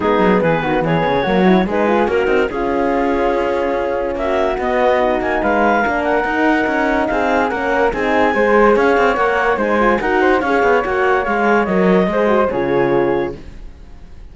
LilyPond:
<<
  \new Staff \with { instrumentName = "clarinet" } { \time 4/4 \tempo 4 = 144 gis'4 b'4 cis''2 | b'4 ais'4 gis'2~ | gis'2 e''4 dis''4~ | dis''8 gis''8 f''4. fis''4.~ |
fis''4 f''4 fis''4 gis''4~ | gis''4 f''4 fis''4 gis''4 | fis''4 f''4 fis''4 f''4 | dis''2 cis''2 | }
  \new Staff \with { instrumentName = "flute" } { \time 4/4 dis'4 gis'8 fis'8 gis'4 fis'4 | gis'4 cis'8 dis'8 f'2~ | f'2 fis'2~ | fis'4 b'4 ais'2~ |
ais'4 gis'4 ais'4 gis'4 | c''4 cis''2 c''4 | ais'8 c''8 cis''2.~ | cis''4 c''4 gis'2 | }
  \new Staff \with { instrumentName = "horn" } { \time 4/4 b2. ais8 e'8 | dis'8 f'8 fis'4 cis'2~ | cis'2. b4 | dis'2 d'4 dis'4~ |
dis'2 cis'4 dis'4 | gis'2 ais'4 dis'8 f'8 | fis'4 gis'4 fis'4 gis'4 | ais'4 gis'8 fis'8 f'2 | }
  \new Staff \with { instrumentName = "cello" } { \time 4/4 gis8 fis8 e8 dis8 e8 cis8 fis4 | gis4 ais8 c'8 cis'2~ | cis'2 ais4 b4~ | b8 ais8 gis4 ais4 dis'4 |
cis'4 c'4 ais4 c'4 | gis4 cis'8 c'8 ais4 gis4 | dis'4 cis'8 b8 ais4 gis4 | fis4 gis4 cis2 | }
>>